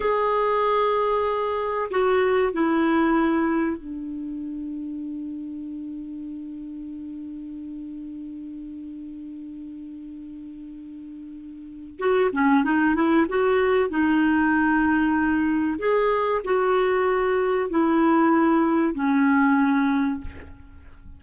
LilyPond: \new Staff \with { instrumentName = "clarinet" } { \time 4/4 \tempo 4 = 95 gis'2. fis'4 | e'2 d'2~ | d'1~ | d'1~ |
d'2. fis'8 cis'8 | dis'8 e'8 fis'4 dis'2~ | dis'4 gis'4 fis'2 | e'2 cis'2 | }